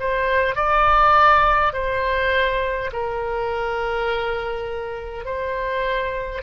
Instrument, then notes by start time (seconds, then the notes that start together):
oboe
0.00 C5
0.56 D5
1.73 C5
2.93 A#4
5.25 C5